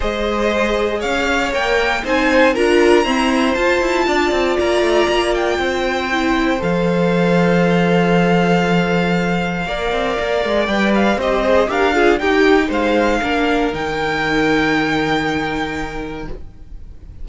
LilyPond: <<
  \new Staff \with { instrumentName = "violin" } { \time 4/4 \tempo 4 = 118 dis''2 f''4 g''4 | gis''4 ais''2 a''4~ | a''4 ais''4. g''4.~ | g''4 f''2.~ |
f''1~ | f''4 g''8 f''8 dis''4 f''4 | g''4 f''2 g''4~ | g''1 | }
  \new Staff \with { instrumentName = "violin" } { \time 4/4 c''2 cis''2 | c''4 ais'4 c''2 | d''2. c''4~ | c''1~ |
c''2. d''4~ | d''2 c''4 ais'8 gis'8 | g'4 c''4 ais'2~ | ais'1 | }
  \new Staff \with { instrumentName = "viola" } { \time 4/4 gis'2. ais'4 | dis'4 f'4 c'4 f'4~ | f'1 | e'4 a'2.~ |
a'2. ais'4~ | ais'4 b'4 g'8 gis'8 g'8 f'8 | dis'2 d'4 dis'4~ | dis'1 | }
  \new Staff \with { instrumentName = "cello" } { \time 4/4 gis2 cis'4 ais4 | c'4 d'4 e'4 f'8 e'8 | d'8 c'8 ais8 a8 ais4 c'4~ | c'4 f2.~ |
f2. ais8 c'8 | ais8 gis8 g4 c'4 d'4 | dis'4 gis4 ais4 dis4~ | dis1 | }
>>